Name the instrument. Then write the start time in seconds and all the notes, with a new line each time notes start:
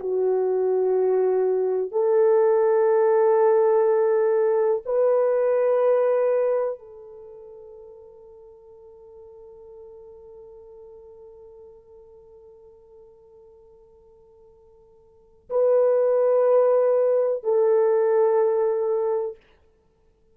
horn
0.00 F#4
1.92 A4
4.86 B4
6.79 A4
15.50 B4
17.43 A4